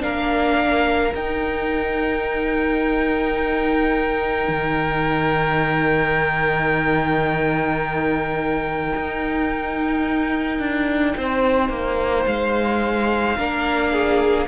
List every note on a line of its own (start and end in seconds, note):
0.00 1.14 A#3
0.00 1.11 D4
0.00 11.14 A#4
0.00 1.14 F5
1.15 4.48 D#4
1.15 13.38 D#4
1.15 12.26 G5
4.48 8.93 D#3
8.95 10.59 D#4
10.59 11.15 D4
11.17 11.70 C4
11.17 13.38 C5
11.70 12.25 A#3
12.26 13.37 G#3
12.26 14.47 F5
13.38 14.47 A#3
13.38 14.47 D4
13.38 13.92 A#4
13.92 14.47 G#4